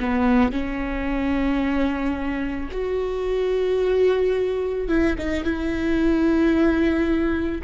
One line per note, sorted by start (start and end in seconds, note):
0.00 0.52 B3
0.52 2.70 C#4
2.72 4.88 F#4
4.88 5.16 E4
5.18 5.44 D#4
5.44 7.62 E4